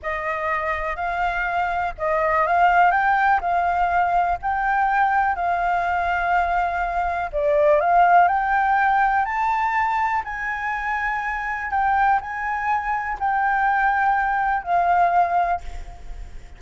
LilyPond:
\new Staff \with { instrumentName = "flute" } { \time 4/4 \tempo 4 = 123 dis''2 f''2 | dis''4 f''4 g''4 f''4~ | f''4 g''2 f''4~ | f''2. d''4 |
f''4 g''2 a''4~ | a''4 gis''2. | g''4 gis''2 g''4~ | g''2 f''2 | }